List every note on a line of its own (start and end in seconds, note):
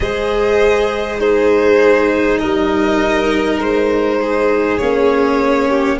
0.00 2.40 G#3
0.00 1.17 G#4
0.00 1.20 C5
0.00 1.20 D#5
1.17 4.77 D#4
1.17 2.39 G#4
1.17 2.38 C5
2.38 3.59 G3
2.38 4.19 A#4
2.38 3.58 D#5
3.59 4.79 G#3
3.59 4.78 C5
4.21 5.68 G#4
4.78 5.99 A#3
4.78 5.99 C#4
4.78 5.98 C#5
5.68 5.98 G4